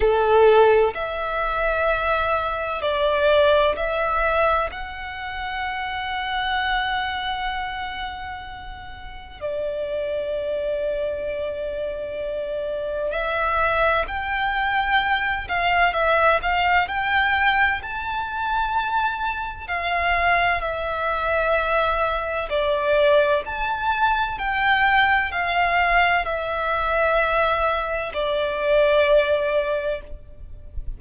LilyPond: \new Staff \with { instrumentName = "violin" } { \time 4/4 \tempo 4 = 64 a'4 e''2 d''4 | e''4 fis''2.~ | fis''2 d''2~ | d''2 e''4 g''4~ |
g''8 f''8 e''8 f''8 g''4 a''4~ | a''4 f''4 e''2 | d''4 a''4 g''4 f''4 | e''2 d''2 | }